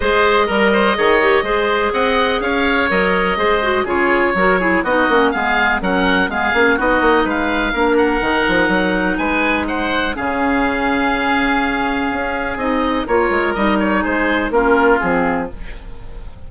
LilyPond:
<<
  \new Staff \with { instrumentName = "oboe" } { \time 4/4 \tempo 4 = 124 dis''1 | fis''4 f''4 dis''2 | cis''2 dis''4 f''4 | fis''4 f''4 dis''4 f''4~ |
f''8 fis''2~ fis''8 gis''4 | fis''4 f''2.~ | f''2 dis''4 cis''4 | dis''8 cis''8 c''4 ais'4 gis'4 | }
  \new Staff \with { instrumentName = "oboe" } { \time 4/4 c''4 ais'8 c''8 cis''4 c''4 | dis''4 cis''2 c''4 | gis'4 ais'8 gis'8 fis'4 gis'4 | ais'4 gis'4 fis'4 b'4 |
ais'2. b'4 | c''4 gis'2.~ | gis'2. ais'4~ | ais'4 gis'4 f'2 | }
  \new Staff \with { instrumentName = "clarinet" } { \time 4/4 gis'4 ais'4 gis'8 g'8 gis'4~ | gis'2 ais'4 gis'8 fis'8 | f'4 fis'8 e'8 dis'8 cis'8 b4 | cis'4 b8 cis'8 dis'2 |
d'4 dis'2.~ | dis'4 cis'2.~ | cis'2 dis'4 f'4 | dis'2 cis'4 c'4 | }
  \new Staff \with { instrumentName = "bassoon" } { \time 4/4 gis4 g4 dis4 gis4 | c'4 cis'4 fis4 gis4 | cis4 fis4 b8 ais8 gis4 | fis4 gis8 ais8 b8 ais8 gis4 |
ais4 dis8 f8 fis4 gis4~ | gis4 cis2.~ | cis4 cis'4 c'4 ais8 gis8 | g4 gis4 ais4 f4 | }
>>